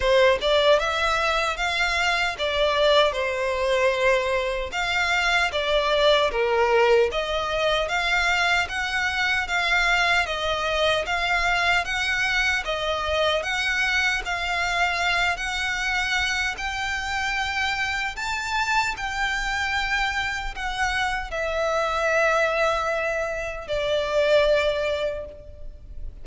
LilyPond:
\new Staff \with { instrumentName = "violin" } { \time 4/4 \tempo 4 = 76 c''8 d''8 e''4 f''4 d''4 | c''2 f''4 d''4 | ais'4 dis''4 f''4 fis''4 | f''4 dis''4 f''4 fis''4 |
dis''4 fis''4 f''4. fis''8~ | fis''4 g''2 a''4 | g''2 fis''4 e''4~ | e''2 d''2 | }